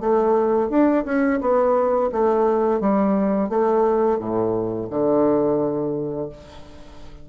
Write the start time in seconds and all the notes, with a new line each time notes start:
0.00 A3
0.69 D4
1.05 C#4
1.40 B3
2.12 A3
2.80 G3
3.49 A3
4.19 A2
4.90 D3